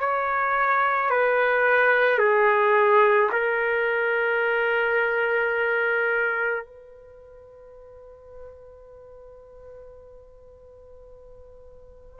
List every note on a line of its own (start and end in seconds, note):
0.00 1.11 C#5
1.11 2.19 B4
2.19 3.30 G#4
3.32 6.65 A#4
6.65 12.20 B4